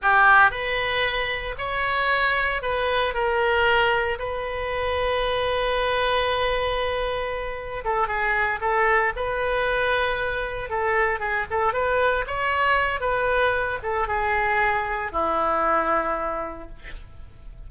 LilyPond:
\new Staff \with { instrumentName = "oboe" } { \time 4/4 \tempo 4 = 115 g'4 b'2 cis''4~ | cis''4 b'4 ais'2 | b'1~ | b'2. a'8 gis'8~ |
gis'8 a'4 b'2~ b'8~ | b'8 a'4 gis'8 a'8 b'4 cis''8~ | cis''4 b'4. a'8 gis'4~ | gis'4 e'2. | }